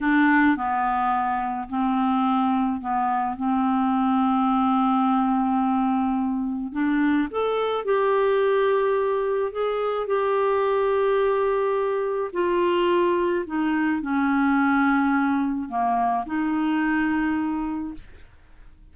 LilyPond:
\new Staff \with { instrumentName = "clarinet" } { \time 4/4 \tempo 4 = 107 d'4 b2 c'4~ | c'4 b4 c'2~ | c'1 | d'4 a'4 g'2~ |
g'4 gis'4 g'2~ | g'2 f'2 | dis'4 cis'2. | ais4 dis'2. | }